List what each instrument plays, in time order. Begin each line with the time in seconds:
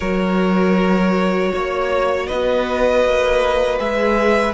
0.00 cello F#3, viola F#4, violin A#4 C#5
1.53 cello A#3, violin C#5
2.26 cello B3, violin B4 D#5
3.05 cello A#3
3.78 cello G#3, viola G#4, violin E5